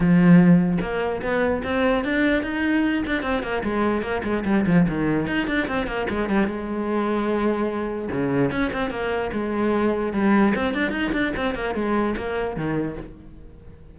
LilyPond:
\new Staff \with { instrumentName = "cello" } { \time 4/4 \tempo 4 = 148 f2 ais4 b4 | c'4 d'4 dis'4. d'8 | c'8 ais8 gis4 ais8 gis8 g8 f8 | dis4 dis'8 d'8 c'8 ais8 gis8 g8 |
gis1 | cis4 cis'8 c'8 ais4 gis4~ | gis4 g4 c'8 d'8 dis'8 d'8 | c'8 ais8 gis4 ais4 dis4 | }